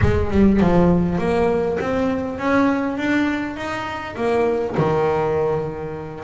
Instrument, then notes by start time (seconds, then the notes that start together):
double bass
0.01 G#3
0.30 G3
0.60 F3
1.18 A#3
1.80 C4
2.38 C#4
2.97 D4
3.56 D#4
4.16 A#3
4.77 D#3